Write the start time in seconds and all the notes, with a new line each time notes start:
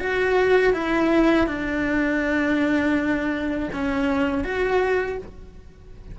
0.00 F#4
0.74 E4
1.47 D4
3.73 C#4
4.44 F#4